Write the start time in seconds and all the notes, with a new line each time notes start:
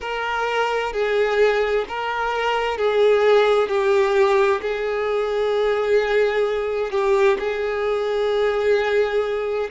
0.00 A#4
0.92 G#4
1.88 A#4
2.77 G#4
3.68 G4
4.62 G#4
6.91 G4
7.38 G#4